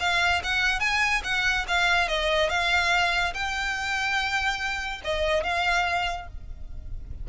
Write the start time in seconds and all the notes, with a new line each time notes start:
0.00 F5
0.44 F#5
0.80 G#5
1.24 F#5
1.68 F5
2.08 D#5
2.50 F5
3.34 G5
5.05 D#5
5.44 F5